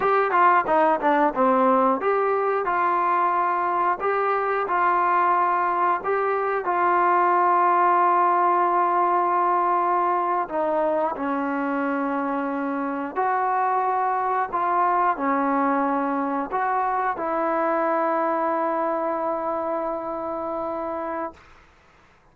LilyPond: \new Staff \with { instrumentName = "trombone" } { \time 4/4 \tempo 4 = 90 g'8 f'8 dis'8 d'8 c'4 g'4 | f'2 g'4 f'4~ | f'4 g'4 f'2~ | f'2.~ f'8. dis'16~ |
dis'8. cis'2. fis'16~ | fis'4.~ fis'16 f'4 cis'4~ cis'16~ | cis'8. fis'4 e'2~ e'16~ | e'1 | }